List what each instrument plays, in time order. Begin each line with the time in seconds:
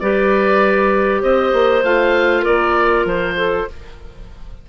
0.00 bassoon G3, clarinet G4 B4, oboe D5
1.21 bassoon C4, clarinet C5, oboe D#5
1.53 bassoon A#3
1.83 bassoon A3, clarinet F4, oboe F5
2.42 bassoon A#3, clarinet A#4, oboe D5
3.05 bassoon F3, oboe C5
3.37 clarinet A4